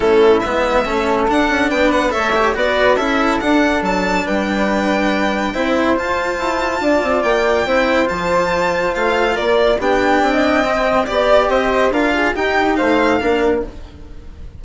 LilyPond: <<
  \new Staff \with { instrumentName = "violin" } { \time 4/4 \tempo 4 = 141 a'4 e''2 fis''4 | g''8 fis''8 e''4 d''4 e''4 | fis''4 a''4 g''2~ | g''2 a''2~ |
a''4 g''2 a''4~ | a''4 f''4 d''4 g''4~ | g''2 d''4 dis''4 | f''4 g''4 f''2 | }
  \new Staff \with { instrumentName = "flute" } { \time 4/4 e'2 a'2 | b'4 cis''4 b'4 a'4~ | a'2 b'2~ | b'4 c''2. |
d''2 c''2~ | c''2 ais'4 g'4~ | g'16 dis''4.~ dis''16 d''4 c''4 | ais'8 gis'8 g'4 c''4 ais'4 | }
  \new Staff \with { instrumentName = "cello" } { \time 4/4 cis'4 b4 cis'4 d'4~ | d'4 a'8 g'8 fis'4 e'4 | d'1~ | d'4 e'4 f'2~ |
f'2 e'4 f'4~ | f'2. d'4~ | d'4 c'4 g'2 | f'4 dis'2 d'4 | }
  \new Staff \with { instrumentName = "bassoon" } { \time 4/4 a4 gis4 a4 d'8 cis'8 | b4 a4 b4 cis'4 | d'4 fis4 g2~ | g4 c'4 f'4 e'4 |
d'8 c'8 ais4 c'4 f4~ | f4 a4 ais4 b4 | c'2 b4 c'4 | d'4 dis'4 a4 ais4 | }
>>